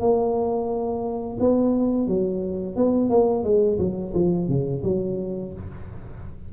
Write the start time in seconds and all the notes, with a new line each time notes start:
0.00 A#3
1.39 B3
2.07 F#3
2.76 B3
3.10 A#3
3.44 G#3
3.79 F#3
4.14 F3
4.48 C#3
4.84 F#3